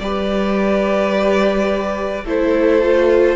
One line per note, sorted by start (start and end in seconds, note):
0.00 2.25 G3
0.00 2.27 G4
0.00 2.25 B4
0.00 2.26 D5
2.25 3.37 A3
2.25 2.83 E4
2.25 3.37 A4
2.25 3.37 C5
2.83 3.37 F4